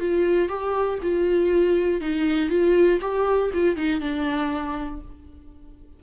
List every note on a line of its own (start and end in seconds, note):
0.00 0.49 F4
0.49 0.99 G4
1.03 2.01 F4
2.01 2.50 D#4
2.50 3.00 F4
3.02 3.52 G4
3.54 3.77 F4
3.77 4.01 D#4
4.01 5.01 D4